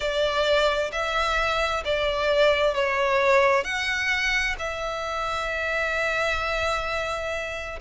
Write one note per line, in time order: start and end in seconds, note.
0.00 0.91 D5
0.92 1.83 E5
1.84 2.74 D5
2.74 3.63 C#5
3.63 4.55 F#5
4.58 7.79 E5